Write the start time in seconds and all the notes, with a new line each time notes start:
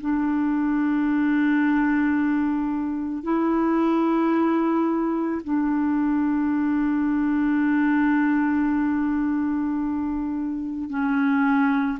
0.00 D4
3.23 E4
5.44 D4
10.89 C#4